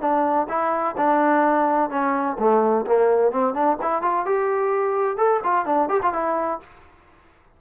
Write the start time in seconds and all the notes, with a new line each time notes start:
0.00 D4
0.48 E4
0.97 D4
1.90 C#4
2.39 A3
2.86 A#3
3.31 C4
3.53 D4
3.82 E4
4.02 F4
4.25 G4
5.17 A4
5.43 F4
5.65 D4
5.88 G4
6.02 F4
6.13 E4